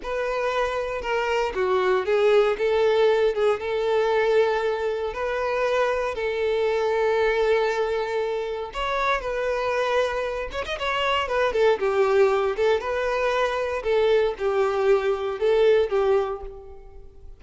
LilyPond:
\new Staff \with { instrumentName = "violin" } { \time 4/4 \tempo 4 = 117 b'2 ais'4 fis'4 | gis'4 a'4. gis'8 a'4~ | a'2 b'2 | a'1~ |
a'4 cis''4 b'2~ | b'8 cis''16 dis''16 cis''4 b'8 a'8 g'4~ | g'8 a'8 b'2 a'4 | g'2 a'4 g'4 | }